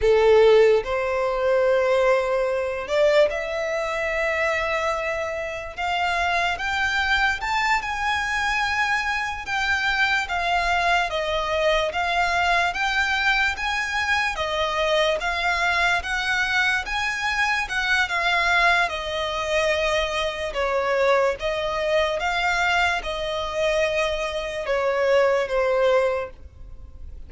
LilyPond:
\new Staff \with { instrumentName = "violin" } { \time 4/4 \tempo 4 = 73 a'4 c''2~ c''8 d''8 | e''2. f''4 | g''4 a''8 gis''2 g''8~ | g''8 f''4 dis''4 f''4 g''8~ |
g''8 gis''4 dis''4 f''4 fis''8~ | fis''8 gis''4 fis''8 f''4 dis''4~ | dis''4 cis''4 dis''4 f''4 | dis''2 cis''4 c''4 | }